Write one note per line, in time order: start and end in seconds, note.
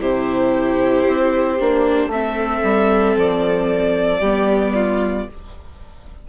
0.00 1.06 C3
0.00 1.58 E4
0.00 2.10 G4
0.00 2.11 C5
1.07 1.60 C4
1.59 2.06 A#3
1.59 2.11 D4
2.06 2.59 A3
2.06 4.22 C4
2.06 4.20 A4
2.06 3.16 E5
2.63 3.16 G3
3.16 4.20 F3
3.16 5.29 D5
4.20 5.26 G3
4.20 5.28 B3
4.20 4.72 G4
4.75 5.27 F4